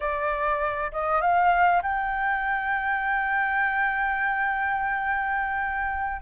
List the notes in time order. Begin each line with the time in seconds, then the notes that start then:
0.00 D5
0.91 D#5
1.21 F5
1.82 G5